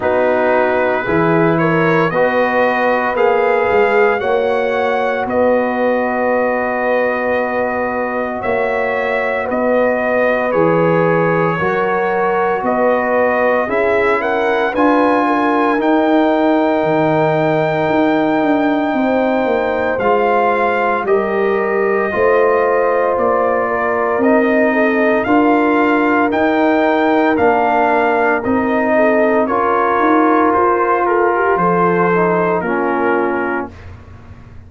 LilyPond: <<
  \new Staff \with { instrumentName = "trumpet" } { \time 4/4 \tempo 4 = 57 b'4. cis''8 dis''4 f''4 | fis''4 dis''2. | e''4 dis''4 cis''2 | dis''4 e''8 fis''8 gis''4 g''4~ |
g''2. f''4 | dis''2 d''4 dis''4 | f''4 g''4 f''4 dis''4 | cis''4 c''8 ais'8 c''4 ais'4 | }
  \new Staff \with { instrumentName = "horn" } { \time 4/4 fis'4 gis'8 ais'8 b'2 | cis''4 b'2. | cis''4 b'2 ais'4 | b'4 gis'8 ais'8 b'8 ais'4.~ |
ais'2 c''2 | ais'4 c''4. ais'4 a'8 | ais'2.~ ais'8 a'8 | ais'4. a'16 g'16 a'4 f'4 | }
  \new Staff \with { instrumentName = "trombone" } { \time 4/4 dis'4 e'4 fis'4 gis'4 | fis'1~ | fis'2 gis'4 fis'4~ | fis'4 e'4 f'4 dis'4~ |
dis'2. f'4 | g'4 f'2 dis'4 | f'4 dis'4 d'4 dis'4 | f'2~ f'8 dis'8 cis'4 | }
  \new Staff \with { instrumentName = "tuba" } { \time 4/4 b4 e4 b4 ais8 gis8 | ais4 b2. | ais4 b4 e4 fis4 | b4 cis'4 d'4 dis'4 |
dis4 dis'8 d'8 c'8 ais8 gis4 | g4 a4 ais4 c'4 | d'4 dis'4 ais4 c'4 | cis'8 dis'8 f'4 f4 ais4 | }
>>